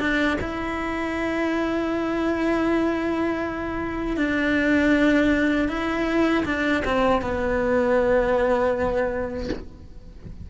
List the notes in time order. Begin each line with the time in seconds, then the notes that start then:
0.00 D4
0.41 E4
4.17 D4
5.69 E4
6.46 D4
6.85 C4
7.22 B3